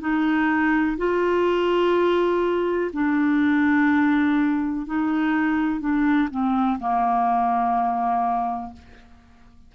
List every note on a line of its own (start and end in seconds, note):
0.00 0.97 D#4
0.97 2.91 F4
2.93 4.86 D4
4.86 5.80 D#4
5.80 6.28 D4
6.30 6.79 C4
6.79 8.73 A#3